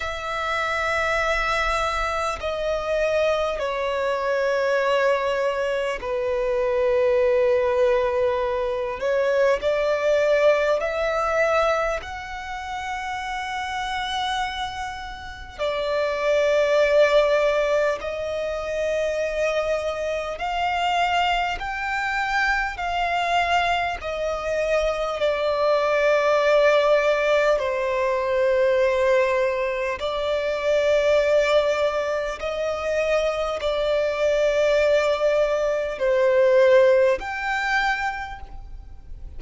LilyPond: \new Staff \with { instrumentName = "violin" } { \time 4/4 \tempo 4 = 50 e''2 dis''4 cis''4~ | cis''4 b'2~ b'8 cis''8 | d''4 e''4 fis''2~ | fis''4 d''2 dis''4~ |
dis''4 f''4 g''4 f''4 | dis''4 d''2 c''4~ | c''4 d''2 dis''4 | d''2 c''4 g''4 | }